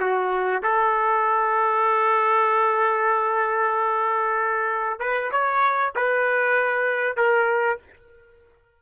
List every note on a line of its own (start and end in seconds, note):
0.00 0.62 F#4
0.63 5.00 A4
5.00 5.31 B4
5.31 5.93 C#5
5.95 7.17 B4
7.17 7.79 A#4